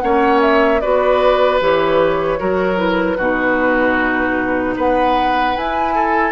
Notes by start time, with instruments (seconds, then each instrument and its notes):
0.00 bassoon A#3, clarinet C#4, oboe C#5, flute F#5
0.41 flute E5
0.80 bassoon B3, clarinet F#4, oboe B4, flute D5
1.60 bassoon E3, clarinet G4, flute C#5
2.38 bassoon F#3, clarinet F#4, oboe A#4
2.76 clarinet E4, flute B4
3.17 bassoon B2, clarinet D#4, oboe F#4
4.76 bassoon B3, oboe B4, flute F#5
5.56 clarinet E4, bassoon E4, flute G#5
5.95 oboe A4